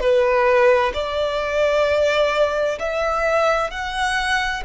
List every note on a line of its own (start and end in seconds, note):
0.00 0.92 B4
0.94 2.79 D5
2.79 3.70 E5
3.70 4.63 F#5